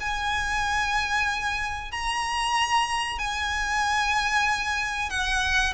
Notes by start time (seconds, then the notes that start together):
0.00 G#5
1.91 A#5
3.19 G#5
5.09 F#5